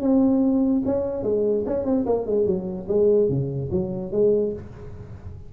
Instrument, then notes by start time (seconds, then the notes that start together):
tuba
0.00 C4
0.85 C#4
1.23 G#3
1.66 C#4
1.85 C4
2.05 A#3
2.26 G#3
2.46 F#3
2.88 G#3
3.28 C#3
3.71 F#3
4.11 G#3